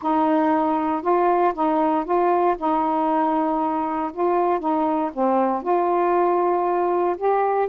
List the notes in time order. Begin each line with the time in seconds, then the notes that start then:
0.01 D#4
1.02 F4
1.53 D#4
2.04 F4
2.58 D#4
4.12 F4
4.59 D#4
5.13 C4
5.62 F4
7.17 G4